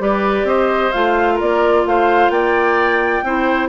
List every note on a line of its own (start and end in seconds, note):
0.00 0.44 G3
0.00 0.92 G4
0.00 0.48 B4
0.00 0.49 D5
0.44 0.90 C4
0.44 1.35 C5
0.44 0.92 D#5
0.92 1.41 A3
0.92 3.24 F4
0.92 1.39 F5
1.35 1.81 A#4
1.35 1.87 D5
1.41 1.86 A#3
1.86 2.30 A3
1.86 2.33 C5
1.86 2.30 F5
2.30 3.22 A#3
2.30 3.25 D5
2.30 3.69 G5
3.24 3.69 C4
3.24 3.69 E4
3.24 3.69 C5